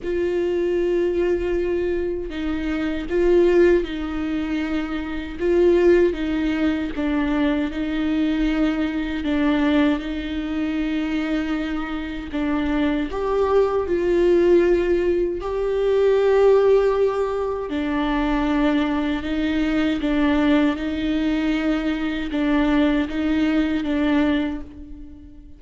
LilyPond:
\new Staff \with { instrumentName = "viola" } { \time 4/4 \tempo 4 = 78 f'2. dis'4 | f'4 dis'2 f'4 | dis'4 d'4 dis'2 | d'4 dis'2. |
d'4 g'4 f'2 | g'2. d'4~ | d'4 dis'4 d'4 dis'4~ | dis'4 d'4 dis'4 d'4 | }